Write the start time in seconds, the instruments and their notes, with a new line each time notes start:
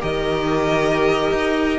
0.00 cello D#3, viola G4, violin A#4 D#5
1.31 cello D#4